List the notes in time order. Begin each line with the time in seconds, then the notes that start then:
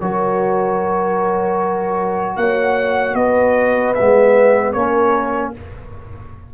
0.00 F#3 F#4 A#4 C#5
2.36 A#3 C#5 F#5
3.13 B3 B4 D#5
3.94 B3 E5
4.00 G#3
4.72 A#3 C#4 A#4 C#5